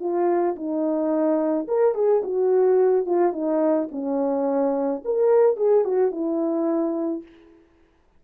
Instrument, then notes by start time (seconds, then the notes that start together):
horn
0.00 F4
0.56 D#4
1.68 A#4
1.95 G#4
2.24 F#4
3.06 F4
3.33 D#4
3.91 C#4
5.05 A#4
5.57 G#4
5.85 F#4
6.11 E4